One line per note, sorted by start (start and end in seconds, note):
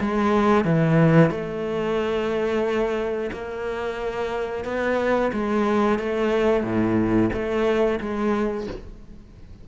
0.00 0.65 G#3
0.65 1.30 E3
1.30 3.30 A3
3.32 4.65 A#3
4.65 5.31 B3
5.32 5.99 G#3
5.99 6.63 A3
6.63 7.30 A2
7.33 7.99 A3
8.00 8.67 G#3